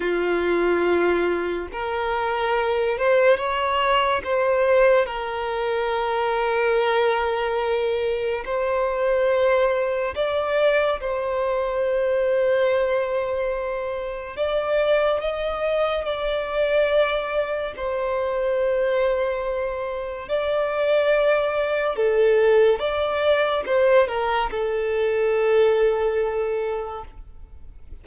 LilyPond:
\new Staff \with { instrumentName = "violin" } { \time 4/4 \tempo 4 = 71 f'2 ais'4. c''8 | cis''4 c''4 ais'2~ | ais'2 c''2 | d''4 c''2.~ |
c''4 d''4 dis''4 d''4~ | d''4 c''2. | d''2 a'4 d''4 | c''8 ais'8 a'2. | }